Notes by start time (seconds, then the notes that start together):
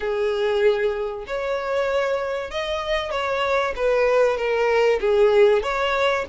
0.00 G#4
1.27 C#5
2.50 D#5
3.11 C#5
3.76 B4
4.37 A#4
5.00 G#4
5.62 C#5